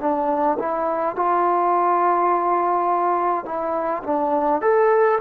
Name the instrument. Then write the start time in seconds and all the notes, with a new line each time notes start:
trombone
0.00 D4
0.59 E4
1.16 F4
3.46 E4
4.04 D4
4.62 A4